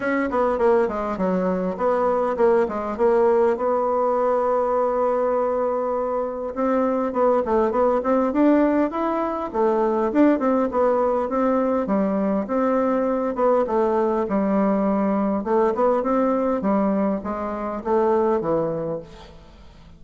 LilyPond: \new Staff \with { instrumentName = "bassoon" } { \time 4/4 \tempo 4 = 101 cis'8 b8 ais8 gis8 fis4 b4 | ais8 gis8 ais4 b2~ | b2. c'4 | b8 a8 b8 c'8 d'4 e'4 |
a4 d'8 c'8 b4 c'4 | g4 c'4. b8 a4 | g2 a8 b8 c'4 | g4 gis4 a4 e4 | }